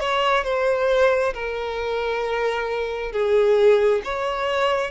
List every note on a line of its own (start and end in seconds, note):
0.00 0.44 C#5
0.44 1.34 C5
1.34 3.12 A#4
3.12 4.02 G#4
4.04 4.91 C#5